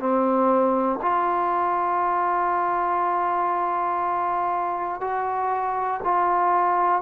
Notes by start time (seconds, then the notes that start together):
0.00 C4
1.02 F4
5.01 F#4
6.04 F4